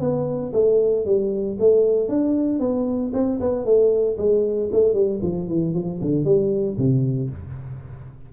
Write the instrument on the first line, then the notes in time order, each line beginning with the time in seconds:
tuba
0.00 B3
0.53 A3
1.05 G3
1.59 A3
2.08 D4
2.59 B3
3.13 C4
3.40 B3
3.65 A3
4.17 G#3
4.72 A3
4.93 G3
5.22 F3
5.48 E3
5.74 F3
6.01 D3
6.24 G3
6.77 C3